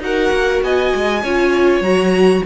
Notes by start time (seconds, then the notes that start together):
0.00 D#4 F#4 A#4 F#5
0.31 A#3
0.63 B3 D#5 G#5
0.95 G#3
1.23 C#4 F4 C#5
1.81 F#3 F#4 A#5